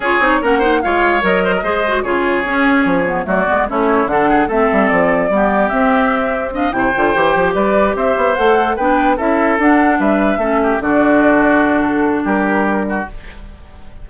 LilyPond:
<<
  \new Staff \with { instrumentName = "flute" } { \time 4/4 \tempo 4 = 147 cis''4 fis''4 f''4 dis''4~ | dis''4 cis''2. | d''4 cis''4 fis''4 e''4 | d''2 e''2 |
f''8 g''2 d''4 e''8~ | e''8 fis''4 g''4 e''4 fis''8~ | fis''8 e''2 d''4.~ | d''4 a'4 ais'2 | }
  \new Staff \with { instrumentName = "oboe" } { \time 4/4 gis'4 ais'8 c''8 cis''4. c''16 ais'16 | c''4 gis'2. | fis'4 e'4 a'8 gis'8 a'4~ | a'4 g'2. |
dis''8 c''2 b'4 c''8~ | c''4. b'4 a'4.~ | a'8 b'4 a'8 g'8 fis'4.~ | fis'2 g'4. fis'8 | }
  \new Staff \with { instrumentName = "clarinet" } { \time 4/4 f'8 dis'8 cis'8 dis'8 f'4 ais'4 | gis'8 fis'8 f'4 cis'4. b8 | a8 b8 cis'4 d'4 c'4~ | c'4 b4 c'2 |
d'8 e'8 f'8 g'2~ g'8~ | g'8 a'4 d'4 e'4 d'8~ | d'4. cis'4 d'4.~ | d'1 | }
  \new Staff \with { instrumentName = "bassoon" } { \time 4/4 cis'8 c'8 ais4 gis4 fis4 | gis4 cis4 cis'4 f4 | fis8 gis8 a4 d4 a8 g8 | f4 g4 c'2~ |
c'8 c8 d8 e8 f8 g4 c'8 | b8 a4 b4 cis'4 d'8~ | d'8 g4 a4 d4.~ | d2 g2 | }
>>